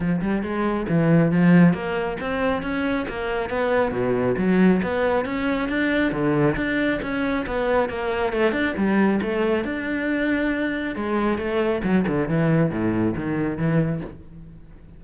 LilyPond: \new Staff \with { instrumentName = "cello" } { \time 4/4 \tempo 4 = 137 f8 g8 gis4 e4 f4 | ais4 c'4 cis'4 ais4 | b4 b,4 fis4 b4 | cis'4 d'4 d4 d'4 |
cis'4 b4 ais4 a8 d'8 | g4 a4 d'2~ | d'4 gis4 a4 fis8 d8 | e4 a,4 dis4 e4 | }